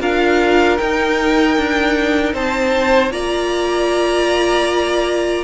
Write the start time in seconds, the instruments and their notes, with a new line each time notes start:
0.00 cello D4, viola F4, violin A#4 F5
0.77 viola D#4, cello D#4, violin G5
1.57 cello D4
2.33 cello C4, violin C5 A5
3.11 cello A#3, viola F4, violin D5 A#5